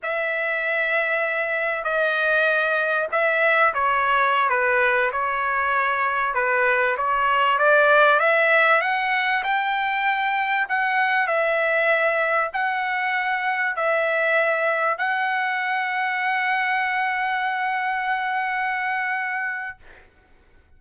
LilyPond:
\new Staff \with { instrumentName = "trumpet" } { \time 4/4 \tempo 4 = 97 e''2. dis''4~ | dis''4 e''4 cis''4~ cis''16 b'8.~ | b'16 cis''2 b'4 cis''8.~ | cis''16 d''4 e''4 fis''4 g''8.~ |
g''4~ g''16 fis''4 e''4.~ e''16~ | e''16 fis''2 e''4.~ e''16~ | e''16 fis''2.~ fis''8.~ | fis''1 | }